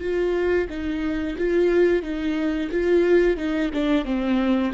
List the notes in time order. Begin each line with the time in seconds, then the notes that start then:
0.00 F4
0.69 D#4
1.38 F4
2.02 D#4
2.71 F4
3.37 D#4
3.73 D4
4.05 C4